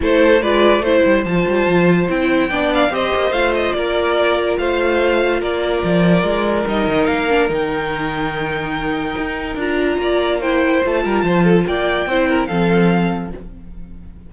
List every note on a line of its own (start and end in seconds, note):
0.00 0.41 A3
0.00 0.41 E4
0.00 0.41 A4
0.00 0.42 C5
0.41 0.79 G#3
0.41 0.83 F4
0.41 0.83 B4
0.41 0.83 D5
0.79 1.00 A3
0.79 1.26 E4
0.79 1.24 C5
0.86 2.49 C5
1.05 1.24 G3
1.24 1.45 F3
1.24 2.08 F4
1.24 2.07 A5
1.47 1.67 G3
1.67 2.09 F3
2.08 2.51 C4
2.08 2.50 E4
2.08 2.72 G5
2.49 2.90 B3
2.49 2.90 D4
2.49 2.91 D5
2.74 2.94 F5
2.90 3.10 C4
2.90 3.32 G4
2.90 3.76 C5
2.90 3.32 D#5
3.15 3.30 A#3
3.30 3.72 A3
3.30 6.66 F4
3.30 3.53 F5
3.54 3.72 D#5
3.72 4.57 A#3
3.72 4.59 A#4
3.72 4.55 D5
4.57 5.41 A3
4.57 5.40 C5
4.57 5.41 F5
5.40 5.83 A#3
5.40 9.98 A#4
5.40 6.67 D5
5.83 6.23 F3
6.23 6.64 G#3
6.66 6.86 G3
6.66 7.29 D#4
6.66 7.05 D#5
6.86 7.07 D#3
7.05 7.49 A#3
7.05 7.47 F5
7.29 7.48 D4
7.48 9.15 D#3
7.48 9.57 D#4
7.48 9.60 G5
9.17 9.56 D#4
9.56 9.97 D4
9.56 10.41 F4
9.56 10.41 A#5
9.97 10.81 A#3
9.97 10.40 D5
10.40 10.84 E4
10.40 11.03 C5
10.40 10.83 G5
10.84 11.04 A3
10.84 12.09 F4
10.84 11.66 A5
11.04 11.22 G3
11.04 11.25 A#4
11.22 11.64 F3
11.22 11.44 C5
11.44 11.64 A4
11.66 12.06 A#3
11.66 12.08 D5
11.66 12.46 G5
12.06 12.47 C4
12.06 12.49 E4
12.06 12.29 C5
12.29 12.48 A#4
12.46 13.33 F3
12.46 13.32 C4
12.46 13.31 A4
12.46 13.29 F5